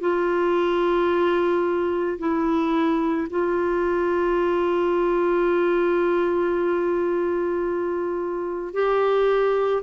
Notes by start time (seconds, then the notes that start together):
0.00 F4
2.18 E4
3.29 F4
8.73 G4